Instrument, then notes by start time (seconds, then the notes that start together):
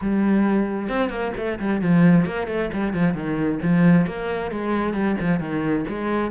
cello
0.01 G3
0.88 C4
1.09 A#3
1.36 A3
1.59 G3
1.81 F3
2.25 A#3
2.47 A3
2.73 G3
2.93 F3
3.14 D#3
3.62 F3
4.06 A#3
4.51 G#3
4.93 G3
5.20 F3
5.39 D#3
5.88 G#3